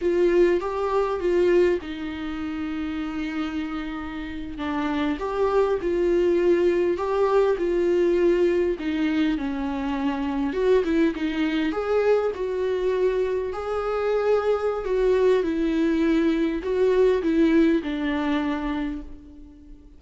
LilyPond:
\new Staff \with { instrumentName = "viola" } { \time 4/4 \tempo 4 = 101 f'4 g'4 f'4 dis'4~ | dis'2.~ dis'8. d'16~ | d'8. g'4 f'2 g'16~ | g'8. f'2 dis'4 cis'16~ |
cis'4.~ cis'16 fis'8 e'8 dis'4 gis'16~ | gis'8. fis'2 gis'4~ gis'16~ | gis'4 fis'4 e'2 | fis'4 e'4 d'2 | }